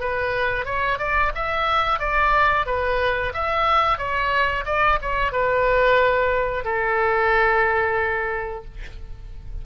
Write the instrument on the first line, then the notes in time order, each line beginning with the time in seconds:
oboe
0.00 B4
0.65 C#5
0.98 D5
1.35 E5
1.99 D5
2.66 B4
3.34 E5
3.98 C#5
4.65 D5
5.02 C#5
5.32 B4
6.64 A4